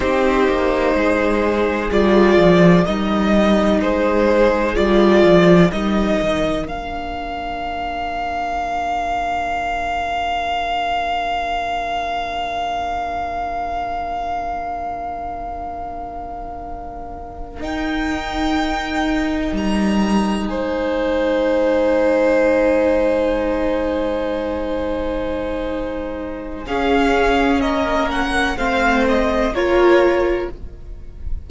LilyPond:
<<
  \new Staff \with { instrumentName = "violin" } { \time 4/4 \tempo 4 = 63 c''2 d''4 dis''4 | c''4 d''4 dis''4 f''4~ | f''1~ | f''1~ |
f''2~ f''8 g''4.~ | g''8 ais''4 gis''2~ gis''8~ | gis''1 | f''4 dis''8 fis''8 f''8 dis''8 cis''4 | }
  \new Staff \with { instrumentName = "violin" } { \time 4/4 g'4 gis'2 ais'4 | gis'2 ais'2~ | ais'1~ | ais'1~ |
ais'1~ | ais'4. c''2~ c''8~ | c''1 | gis'4 ais'4 c''4 ais'4 | }
  \new Staff \with { instrumentName = "viola" } { \time 4/4 dis'2 f'4 dis'4~ | dis'4 f'4 dis'4 d'4~ | d'1~ | d'1~ |
d'2~ d'8 dis'4.~ | dis'1~ | dis'1 | cis'2 c'4 f'4 | }
  \new Staff \with { instrumentName = "cello" } { \time 4/4 c'8 ais8 gis4 g8 f8 g4 | gis4 g8 f8 g8 dis8 ais4~ | ais1~ | ais1~ |
ais2~ ais8 dis'4.~ | dis'8 g4 gis2~ gis8~ | gis1 | cis'4 ais4 a4 ais4 | }
>>